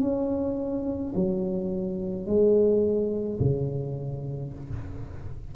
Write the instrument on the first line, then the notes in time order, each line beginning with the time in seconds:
tuba
0.00 C#4
1.15 F#3
2.26 G#3
3.40 C#3